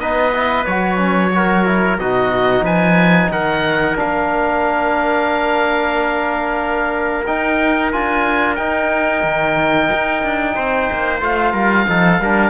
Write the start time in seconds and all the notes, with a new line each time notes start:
0.00 B3 D#4 B4 D#5
0.34 E4
0.66 F#3 F#4 C#5
0.98 C#4
1.34 F#4 A#4
1.66 E4
1.99 B2 D#4 F#4 D#5
2.62 F3 B4 G#5
3.31 D#3 A#4 F#5
3.95 A#3 D4 F5
7.27 D#4 G5
7.93 D4 F4 G#5
8.56 D#4 G5
9.24 D#3
9.92 D#4
10.24 D4
10.56 C4 C5
10.93 A#3
11.21 A3 F4 F5
11.53 G3 A#4
11.87 F3 D#4 A4
12.20 G3 D4 A#4